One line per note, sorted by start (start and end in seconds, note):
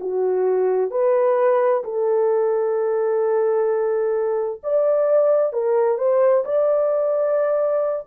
0.00 0.91 F#4
0.91 1.83 B4
1.84 4.61 A4
4.63 5.53 D5
5.53 5.97 A#4
5.97 6.44 C5
6.44 8.06 D5